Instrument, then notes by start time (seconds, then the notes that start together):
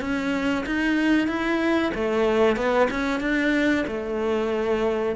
cello
0.00 C#4
0.66 D#4
1.27 E4
1.94 A3
2.56 B3
2.90 C#4
3.21 D4
3.87 A3